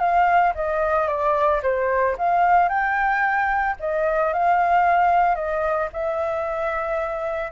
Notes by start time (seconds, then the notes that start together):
0.00 F5
0.55 D#5
1.08 D5
1.63 C5
2.18 F5
2.69 G5
3.80 D#5
4.34 F5
5.35 D#5
5.93 E5